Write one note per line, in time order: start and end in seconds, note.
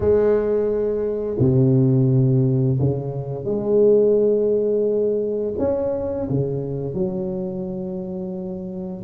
0.00 1.37 G#3
1.39 2.78 C3
2.79 3.44 C#3
3.44 5.54 G#3
5.58 6.28 C#4
6.30 6.94 C#3
6.94 9.03 F#3